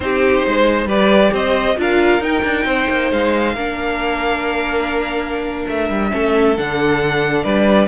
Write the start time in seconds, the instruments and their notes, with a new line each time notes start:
0.00 cello C4, viola D#4, violin G4 C5
0.46 cello G#3, violin C5
0.85 cello G3, viola G4, violin B4 D5
1.32 cello C4, violin C5 D#5
1.77 cello D4, viola F4, violin A#4 F5
2.20 cello D#4, viola D#4, violin G5
2.44 cello D4
2.65 cello C4, violin C5
2.89 cello A#3
3.11 cello G#3, violin F5
3.54 cello A#3, viola D4, violin A#4
5.67 cello A3, violin E5
5.89 cello G3
6.10 cello A3, viola C#4, violin A4
6.57 cello D3, viola D4, violin F#5
7.43 cello G3, violin B4 D5